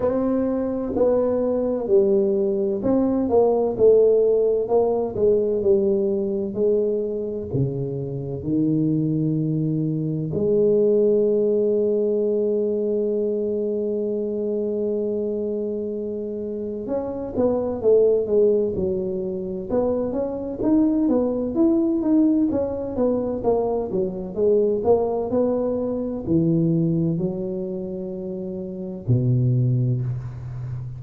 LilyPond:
\new Staff \with { instrumentName = "tuba" } { \time 4/4 \tempo 4 = 64 c'4 b4 g4 c'8 ais8 | a4 ais8 gis8 g4 gis4 | cis4 dis2 gis4~ | gis1~ |
gis2 cis'8 b8 a8 gis8 | fis4 b8 cis'8 dis'8 b8 e'8 dis'8 | cis'8 b8 ais8 fis8 gis8 ais8 b4 | e4 fis2 b,4 | }